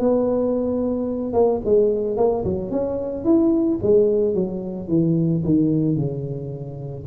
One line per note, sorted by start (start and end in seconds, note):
0.00 1.34 B3
1.34 1.61 A#3
1.65 2.17 G#3
2.17 2.44 A#3
2.45 2.71 F#3
2.71 3.25 C#4
3.25 3.79 E4
3.83 4.35 G#3
4.35 4.88 F#3
4.88 5.43 E3
5.45 5.96 D#3
5.96 7.05 C#3